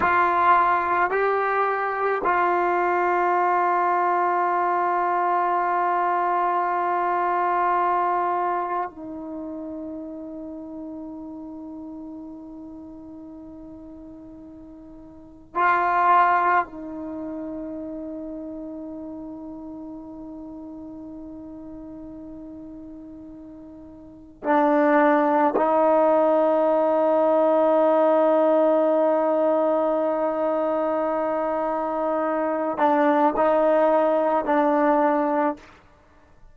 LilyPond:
\new Staff \with { instrumentName = "trombone" } { \time 4/4 \tempo 4 = 54 f'4 g'4 f'2~ | f'1 | dis'1~ | dis'2 f'4 dis'4~ |
dis'1~ | dis'2 d'4 dis'4~ | dis'1~ | dis'4. d'8 dis'4 d'4 | }